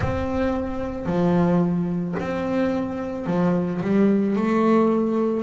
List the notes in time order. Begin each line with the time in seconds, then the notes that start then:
0.00 C4
1.06 F3
2.19 C4
3.26 F3
3.81 G3
4.35 A3